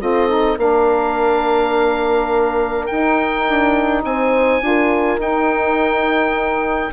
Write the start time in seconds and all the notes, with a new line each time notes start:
0.00 C4 F4 A4 D#5
0.28 D#4
0.58 A#3 D4 A#4 F5
2.86 D#4 G5
3.49 D4
4.04 C4 C5 G#5
4.61 D4 F4
4.67 A#4
5.18 D#4 G5